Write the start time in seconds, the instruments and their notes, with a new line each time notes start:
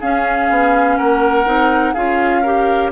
0.00 bassoon C#4, clarinet C#4, oboe G#4, flute F5
0.49 bassoon B3
0.97 bassoon A#3, oboe A#4, flute F#5
1.45 bassoon C4, clarinet D#4
1.93 bassoon C#4, clarinet F4, oboe G#4, flute F5
2.42 clarinet G4, oboe A#4